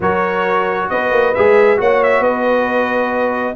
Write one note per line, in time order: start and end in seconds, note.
0.00 0.88 F#3
0.00 1.35 F#4
0.00 0.90 A#4
0.00 0.89 C#5
0.89 1.11 B3
0.89 1.80 B4
0.89 1.34 D#5
1.11 1.33 A#3
1.34 1.80 G#3
1.34 1.76 G#4
1.34 1.79 E5
1.76 2.20 A#3
1.76 3.55 F#4
1.76 2.20 C#5
1.76 2.03 F#5
2.03 2.23 E5
2.20 3.54 B3
2.20 3.55 B4
2.20 3.55 D#5